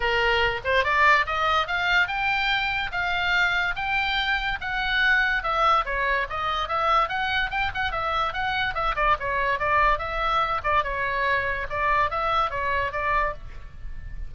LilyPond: \new Staff \with { instrumentName = "oboe" } { \time 4/4 \tempo 4 = 144 ais'4. c''8 d''4 dis''4 | f''4 g''2 f''4~ | f''4 g''2 fis''4~ | fis''4 e''4 cis''4 dis''4 |
e''4 fis''4 g''8 fis''8 e''4 | fis''4 e''8 d''8 cis''4 d''4 | e''4. d''8 cis''2 | d''4 e''4 cis''4 d''4 | }